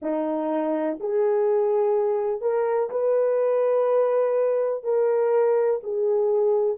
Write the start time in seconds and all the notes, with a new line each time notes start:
0.02 D#4
0.99 G#4
2.41 A#4
2.90 B4
4.83 A#4
5.83 G#4